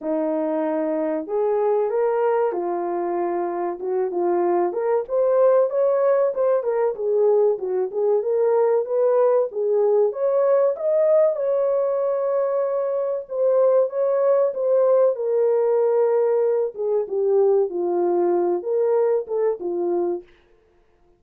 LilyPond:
\new Staff \with { instrumentName = "horn" } { \time 4/4 \tempo 4 = 95 dis'2 gis'4 ais'4 | f'2 fis'8 f'4 ais'8 | c''4 cis''4 c''8 ais'8 gis'4 | fis'8 gis'8 ais'4 b'4 gis'4 |
cis''4 dis''4 cis''2~ | cis''4 c''4 cis''4 c''4 | ais'2~ ais'8 gis'8 g'4 | f'4. ais'4 a'8 f'4 | }